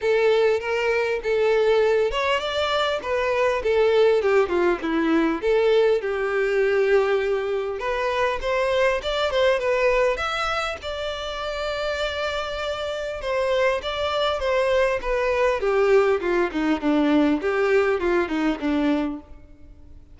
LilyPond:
\new Staff \with { instrumentName = "violin" } { \time 4/4 \tempo 4 = 100 a'4 ais'4 a'4. cis''8 | d''4 b'4 a'4 g'8 f'8 | e'4 a'4 g'2~ | g'4 b'4 c''4 d''8 c''8 |
b'4 e''4 d''2~ | d''2 c''4 d''4 | c''4 b'4 g'4 f'8 dis'8 | d'4 g'4 f'8 dis'8 d'4 | }